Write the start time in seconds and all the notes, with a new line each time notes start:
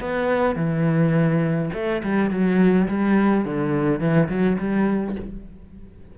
0.00 B3
0.56 E3
1.74 A3
2.03 G3
2.30 F#3
2.88 G3
3.44 D3
4.00 E3
4.29 F#3
4.58 G3